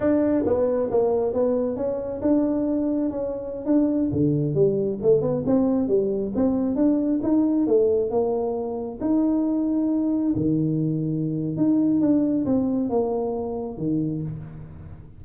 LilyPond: \new Staff \with { instrumentName = "tuba" } { \time 4/4 \tempo 4 = 135 d'4 b4 ais4 b4 | cis'4 d'2 cis'4~ | cis'16 d'4 d4 g4 a8 b16~ | b16 c'4 g4 c'4 d'8.~ |
d'16 dis'4 a4 ais4.~ ais16~ | ais16 dis'2. dis8.~ | dis2 dis'4 d'4 | c'4 ais2 dis4 | }